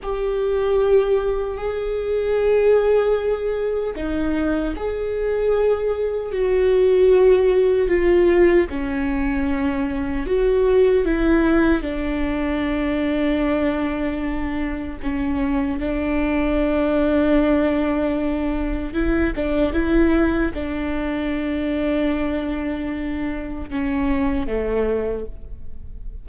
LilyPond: \new Staff \with { instrumentName = "viola" } { \time 4/4 \tempo 4 = 76 g'2 gis'2~ | gis'4 dis'4 gis'2 | fis'2 f'4 cis'4~ | cis'4 fis'4 e'4 d'4~ |
d'2. cis'4 | d'1 | e'8 d'8 e'4 d'2~ | d'2 cis'4 a4 | }